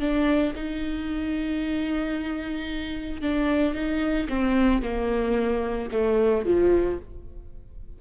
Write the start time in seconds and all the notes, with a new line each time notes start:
0.00 D4
0.56 D#4
3.21 D4
3.75 D#4
4.29 C4
4.83 A#3
5.92 A3
6.46 F3